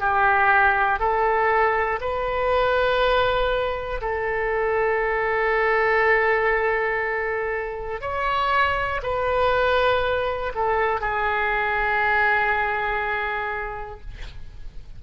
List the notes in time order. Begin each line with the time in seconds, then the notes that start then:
0.00 G4
1.00 A4
2.01 B4
4.02 A4
8.02 C#5
9.03 B4
10.55 A4
11.01 G#4